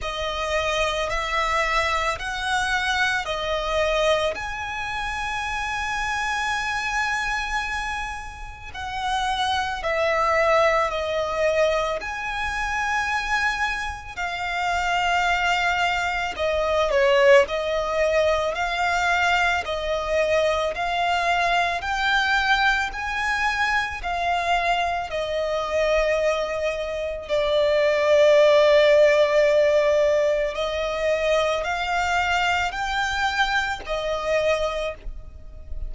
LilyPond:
\new Staff \with { instrumentName = "violin" } { \time 4/4 \tempo 4 = 55 dis''4 e''4 fis''4 dis''4 | gis''1 | fis''4 e''4 dis''4 gis''4~ | gis''4 f''2 dis''8 cis''8 |
dis''4 f''4 dis''4 f''4 | g''4 gis''4 f''4 dis''4~ | dis''4 d''2. | dis''4 f''4 g''4 dis''4 | }